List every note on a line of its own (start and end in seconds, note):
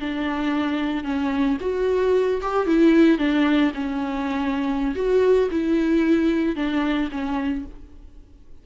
0.00 1.04 D4
1.04 1.57 C#4
1.61 2.41 F#4
2.42 2.67 G4
2.67 3.18 E4
3.18 3.72 D4
3.74 4.95 C#4
4.95 5.49 F#4
5.51 6.56 E4
6.56 7.09 D4
7.11 7.65 C#4